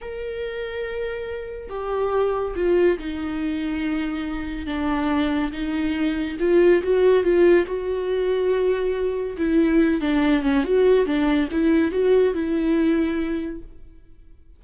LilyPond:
\new Staff \with { instrumentName = "viola" } { \time 4/4 \tempo 4 = 141 ais'1 | g'2 f'4 dis'4~ | dis'2. d'4~ | d'4 dis'2 f'4 |
fis'4 f'4 fis'2~ | fis'2 e'4. d'8~ | d'8 cis'8 fis'4 d'4 e'4 | fis'4 e'2. | }